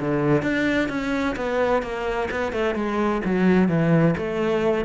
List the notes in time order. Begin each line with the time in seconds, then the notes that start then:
0.00 D3
0.42 D4
0.89 C#4
1.36 B3
1.83 A#3
2.31 B3
2.52 A3
2.75 G#3
3.25 F#3
3.68 E3
4.17 A3